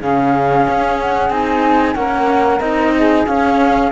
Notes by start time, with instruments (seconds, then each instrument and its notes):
0.00 cello C#3 C#4, saxophone G#4, flute F5
0.69 cello C#4
1.00 flute F#5
1.30 cello C4 D#4, flute G#5
1.95 cello A#3 C#4, saxophone A#4, flute F#5
2.60 cello C4 D#4, flute D#5
2.97 saxophone G#4
3.27 cello C#4, flute F5